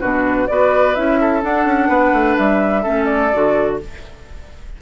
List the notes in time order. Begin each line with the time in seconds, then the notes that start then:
0.00 B2 D4 F#4 B4
0.48 B3 F#4 B4 D5
0.95 C#4 E4 E5
1.21 A4
1.42 D4 F#5
1.65 C#4
1.88 B3 B4
2.13 A3
2.37 G3 E5
2.83 A3 C#4 A4
3.05 D5
3.33 D3 F#4